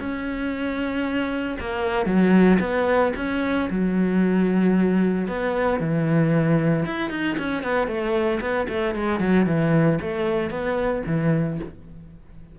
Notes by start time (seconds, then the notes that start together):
0.00 C#4
1.60 A#3
2.06 F#3
2.60 B3
3.17 C#4
3.71 F#3
5.28 B3
5.80 E3
6.86 E4
7.11 D#4
7.39 C#4
7.64 B3
7.88 A3
8.41 B3
8.69 A3
8.96 G#3
9.20 F#3
9.47 E3
10.02 A3
10.50 B3
11.07 E3